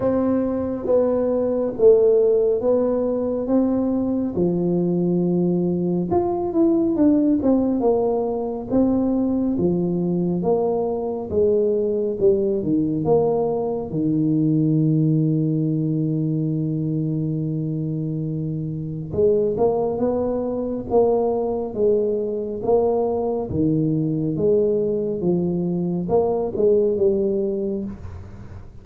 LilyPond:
\new Staff \with { instrumentName = "tuba" } { \time 4/4 \tempo 4 = 69 c'4 b4 a4 b4 | c'4 f2 f'8 e'8 | d'8 c'8 ais4 c'4 f4 | ais4 gis4 g8 dis8 ais4 |
dis1~ | dis2 gis8 ais8 b4 | ais4 gis4 ais4 dis4 | gis4 f4 ais8 gis8 g4 | }